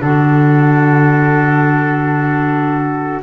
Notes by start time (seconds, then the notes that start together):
0.00 D3 D4 F#4 A4